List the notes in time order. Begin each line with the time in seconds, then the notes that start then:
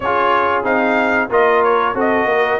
0.00 C#4 F4 G#4 C#5
0.64 C4 D#4 F5
1.29 A#3 F4 A#4 D#5
1.63 C#5
1.94 C4 F#4 A4 D#5
2.25 A#3 A#4